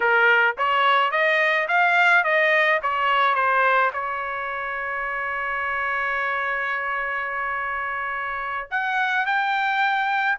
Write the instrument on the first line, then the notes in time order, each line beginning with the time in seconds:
trumpet
0.00 A#4
0.57 C#5
1.11 D#5
1.67 F5
2.24 D#5
2.82 C#5
3.34 C5
3.93 C#5
8.70 F#5
9.26 G5